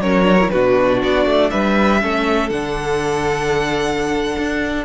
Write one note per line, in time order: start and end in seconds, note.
0.00 0.50 F#3
0.00 0.25 C#4
0.00 0.52 A#4
0.00 0.51 C#5
0.25 0.37 D4
0.40 0.52 E4
0.51 1.03 B2
0.51 2.02 D4
0.51 1.52 F#4
0.51 1.00 B4
1.03 1.26 B3
1.03 1.51 D5
1.26 1.51 A3
1.51 2.03 G3
1.51 2.01 B4
1.51 2.50 E5
2.02 2.51 A3
2.02 2.51 C#4
2.02 4.86 A4
2.50 4.37 D3
2.50 4.86 D4
2.50 4.86 F#5
4.39 4.86 D4